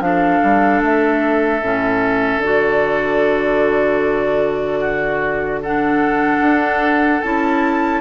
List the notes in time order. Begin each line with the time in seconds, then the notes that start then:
0.00 F3 D4 F5
0.06 A4
0.44 G3
0.82 A3 E5
1.63 A2 C#4
2.38 D3 F#4 D5
4.80 F#4
5.63 D4 A4 F#5
6.42 D4
7.22 C#4 E4 A5